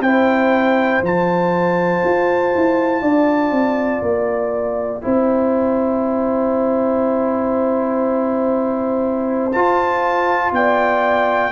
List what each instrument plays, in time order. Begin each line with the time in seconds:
0.00 tuba C4, trombone E4, horn C5, trumpet G5
1.03 tuba F3, trombone F4, trumpet A5
2.04 tuba F4
2.55 tuba E4
3.02 tuba D4, horn D5
3.52 tuba C4
4.02 tuba A#3, trumpet G5
5.02 tuba C4, trombone E4, horn C5
9.53 trombone F4, tuba F4, trumpet A5
10.52 tuba B3, horn D5, trumpet G5